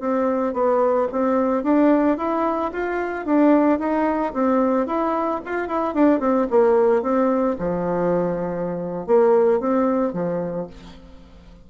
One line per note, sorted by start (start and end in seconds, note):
0.00 0.53 C4
0.53 1.07 B3
1.12 1.64 C4
1.64 2.17 D4
2.17 2.71 E4
2.72 3.25 F4
3.25 3.79 D4
3.79 4.33 D#4
4.34 4.87 C4
4.87 5.41 E4
5.46 5.68 F4
5.68 5.95 E4
5.95 6.20 D4
6.20 6.47 C4
6.50 7.02 A#3
7.02 7.56 C4
7.58 9.07 F3
9.07 9.60 A#3
9.60 10.13 C4
10.13 10.67 F3